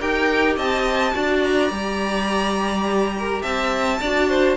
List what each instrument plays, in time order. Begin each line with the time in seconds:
0.00 cello D#4, viola G4, violin A#4 G5
0.57 cello C4, violin D#5 A5
1.14 cello D4, viola F#4, violin D5
1.44 violin A#5
1.71 cello G3, viola G4
3.18 violin A#4
3.43 cello C4, violin E5 A5
4.01 cello D4, viola F#4, violin D5
4.29 violin C5